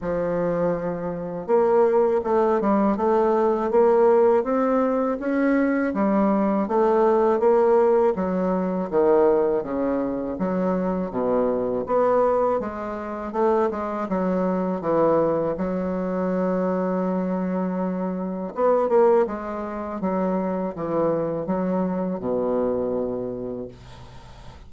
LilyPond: \new Staff \with { instrumentName = "bassoon" } { \time 4/4 \tempo 4 = 81 f2 ais4 a8 g8 | a4 ais4 c'4 cis'4 | g4 a4 ais4 fis4 | dis4 cis4 fis4 b,4 |
b4 gis4 a8 gis8 fis4 | e4 fis2.~ | fis4 b8 ais8 gis4 fis4 | e4 fis4 b,2 | }